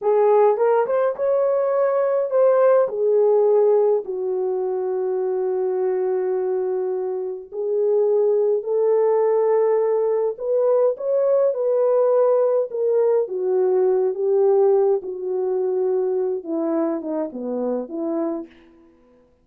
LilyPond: \new Staff \with { instrumentName = "horn" } { \time 4/4 \tempo 4 = 104 gis'4 ais'8 c''8 cis''2 | c''4 gis'2 fis'4~ | fis'1~ | fis'4 gis'2 a'4~ |
a'2 b'4 cis''4 | b'2 ais'4 fis'4~ | fis'8 g'4. fis'2~ | fis'8 e'4 dis'8 b4 e'4 | }